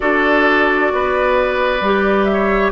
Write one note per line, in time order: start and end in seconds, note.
0.00 0.92 D4
0.00 1.80 F#4
0.00 0.91 A4
0.00 2.24 D5
0.93 1.80 B3
0.93 2.31 B4
1.80 2.71 G3
1.80 2.71 G4
2.24 2.70 E5
2.32 2.71 C#5